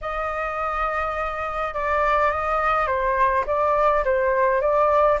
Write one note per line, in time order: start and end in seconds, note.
0.01 1.74 D#5
1.74 2.31 D5
2.31 2.86 D#5
2.86 3.44 C5
3.46 4.04 D5
4.04 4.61 C5
4.61 5.18 D5